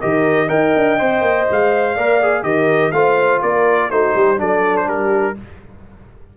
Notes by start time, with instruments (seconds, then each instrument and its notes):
0.00 tuba D#3, trombone G4, horn A#4, trumpet D#5
0.47 tuba D#4, trombone A#4, horn D#5, trumpet G5
0.76 tuba D4
0.99 tuba C4, trombone C5
1.21 tuba A#3
1.51 tuba G#3, trumpet F5
1.94 tuba A#3, trombone A#4, horn D5
2.22 trombone G#4
2.43 tuba D#3, trombone G4, horn A#4, trumpet D#5
2.91 tuba A3, trombone F4, horn C5, trumpet F5
3.42 tuba A#3, horn A#4, trumpet D5
3.90 tuba A3, trombone D#4, horn F#4, trumpet C5
4.15 tuba G3, horn G4
4.37 tuba F#3, trombone D4, horn A4, trumpet D5
4.77 trumpet C5
4.86 tuba G3, horn G4, trumpet A#4